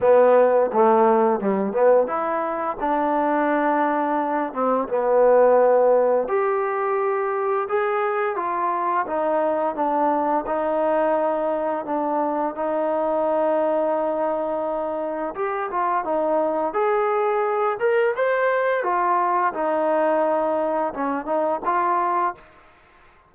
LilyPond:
\new Staff \with { instrumentName = "trombone" } { \time 4/4 \tempo 4 = 86 b4 a4 g8 b8 e'4 | d'2~ d'8 c'8 b4~ | b4 g'2 gis'4 | f'4 dis'4 d'4 dis'4~ |
dis'4 d'4 dis'2~ | dis'2 g'8 f'8 dis'4 | gis'4. ais'8 c''4 f'4 | dis'2 cis'8 dis'8 f'4 | }